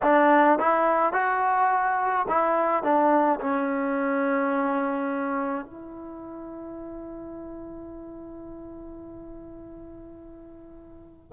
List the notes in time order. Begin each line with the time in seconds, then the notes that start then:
0.02 D4
0.59 E4
1.12 F#4
2.28 E4
2.83 D4
3.40 C#4
5.65 E4